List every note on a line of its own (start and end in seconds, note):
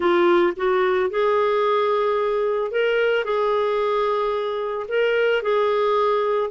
0.00 0.53 F4
0.56 1.10 F#4
1.10 2.71 G#4
2.71 3.24 A#4
3.24 4.86 G#4
4.88 5.42 A#4
5.42 6.50 G#4